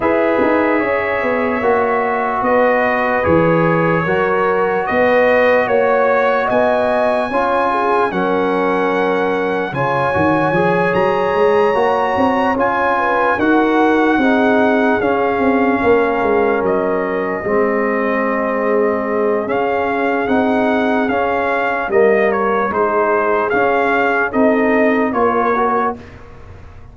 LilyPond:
<<
  \new Staff \with { instrumentName = "trumpet" } { \time 4/4 \tempo 4 = 74 e''2. dis''4 | cis''2 dis''4 cis''4 | gis''2 fis''2 | gis''4. ais''2 gis''8~ |
gis''8 fis''2 f''4.~ | f''8 dis''2.~ dis''8 | f''4 fis''4 f''4 dis''8 cis''8 | c''4 f''4 dis''4 cis''4 | }
  \new Staff \with { instrumentName = "horn" } { \time 4/4 b'4 cis''2 b'4~ | b'4 ais'4 b'4 cis''4 | dis''4 cis''8 gis'8 ais'2 | cis''1 |
b'8 ais'4 gis'2 ais'8~ | ais'4. gis'2~ gis'8~ | gis'2. ais'4 | gis'2 a'4 ais'4 | }
  \new Staff \with { instrumentName = "trombone" } { \time 4/4 gis'2 fis'2 | gis'4 fis'2.~ | fis'4 f'4 cis'2 | f'8 fis'8 gis'4. fis'4 f'8~ |
f'8 fis'4 dis'4 cis'4.~ | cis'4. c'2~ c'8 | cis'4 dis'4 cis'4 ais4 | dis'4 cis'4 dis'4 f'8 fis'8 | }
  \new Staff \with { instrumentName = "tuba" } { \time 4/4 e'8 dis'8 cis'8 b8 ais4 b4 | e4 fis4 b4 ais4 | b4 cis'4 fis2 | cis8 dis8 f8 fis8 gis8 ais8 c'8 cis'8~ |
cis'8 dis'4 c'4 cis'8 c'8 ais8 | gis8 fis4 gis2~ gis8 | cis'4 c'4 cis'4 g4 | gis4 cis'4 c'4 ais4 | }
>>